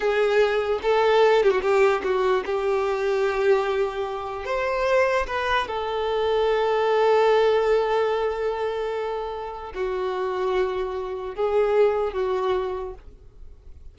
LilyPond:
\new Staff \with { instrumentName = "violin" } { \time 4/4 \tempo 4 = 148 gis'2 a'4. g'16 fis'16 | g'4 fis'4 g'2~ | g'2. c''4~ | c''4 b'4 a'2~ |
a'1~ | a'1 | fis'1 | gis'2 fis'2 | }